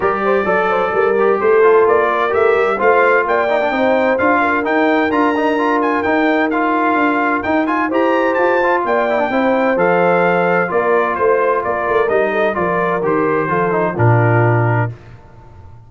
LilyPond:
<<
  \new Staff \with { instrumentName = "trumpet" } { \time 4/4 \tempo 4 = 129 d''2. c''4 | d''4 e''4 f''4 g''4~ | g''4 f''4 g''4 ais''4~ | ais''8 gis''8 g''4 f''2 |
g''8 gis''8 ais''4 a''4 g''4~ | g''4 f''2 d''4 | c''4 d''4 dis''4 d''4 | c''2 ais'2 | }
  \new Staff \with { instrumentName = "horn" } { \time 4/4 ais'8 c''8 d''8 c''8 ais'4 a'4~ | a'8 ais'4. c''4 d''4 | c''4. ais'2~ ais'8~ | ais'1~ |
ais'4 c''2 d''4 | c''2. ais'4 | c''4 ais'4. a'8 ais'4~ | ais'4 a'4 f'2 | }
  \new Staff \with { instrumentName = "trombone" } { \time 4/4 g'4 a'4. g'4 f'8~ | f'4 g'4 f'4. dis'16 d'16 | dis'4 f'4 dis'4 f'8 dis'8 | f'4 dis'4 f'2 |
dis'8 f'8 g'4. f'4 e'16 d'16 | e'4 a'2 f'4~ | f'2 dis'4 f'4 | g'4 f'8 dis'8 d'2 | }
  \new Staff \with { instrumentName = "tuba" } { \time 4/4 g4 fis4 g4 a4 | ais4 a8 g8 a4 ais4 | c'4 d'4 dis'4 d'4~ | d'4 dis'2 d'4 |
dis'4 e'4 f'4 ais4 | c'4 f2 ais4 | a4 ais8 a8 g4 f4 | dis4 f4 ais,2 | }
>>